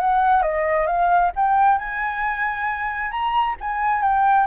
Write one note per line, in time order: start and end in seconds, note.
0.00 0.42 F#5
0.42 0.86 D#5
0.86 1.31 F5
1.35 1.78 G5
1.78 3.11 G#5
3.11 3.55 A#5
3.60 4.02 G#5
4.02 4.47 G5